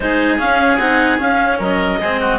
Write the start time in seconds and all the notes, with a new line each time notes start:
0.00 G#3 D#4 G#4 C5
0.38 C#4 F5
0.78 C4 D#4 F#5
1.18 C#4 F5
1.58 F#3 A#4 D#5
2.00 G#3 C4 G#4
2.20 F#4